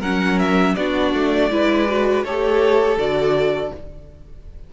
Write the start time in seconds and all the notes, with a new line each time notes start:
0.00 F#3 C#4 A#4 F#5
0.39 E5
0.76 B3 D4 F#4 D5
1.14 A3
1.50 G#3 E4 B4
1.89 F#4
2.24 A3 G4 A4 C#5
2.97 D3 F#4 D5